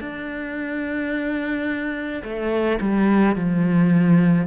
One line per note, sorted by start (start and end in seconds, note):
0.00 2.22 D4
2.23 2.79 A3
2.80 3.35 G3
3.35 4.46 F3